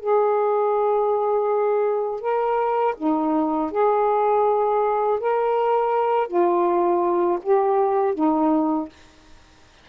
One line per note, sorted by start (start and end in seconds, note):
0.00 2.21 G#4
2.21 2.95 A#4
2.97 3.71 D#4
3.71 5.20 G#4
5.20 6.28 A#4
6.28 7.39 F4
7.43 8.15 G4
8.15 8.89 D#4